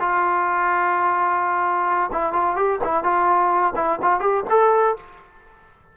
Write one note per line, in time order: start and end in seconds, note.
0.00 2.11 F4
2.13 2.33 E4
2.33 2.56 F4
2.56 2.80 G4
2.84 3.04 E4
3.04 3.74 F4
3.76 4.00 E4
4.02 4.21 F4
4.21 4.44 G4
4.50 4.97 A4